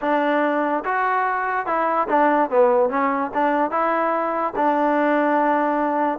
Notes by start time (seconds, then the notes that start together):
0.01 D4
0.85 F#4
1.66 E4
2.08 D4
2.49 B3
2.89 C#4
3.34 D4
3.71 E4
4.56 D4